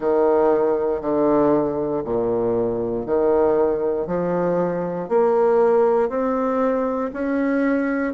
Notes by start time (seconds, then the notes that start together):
0.00 D#3
1.01 D3
2.04 A#2
3.06 D#3
4.07 F3
5.08 A#3
6.09 C4
7.13 C#4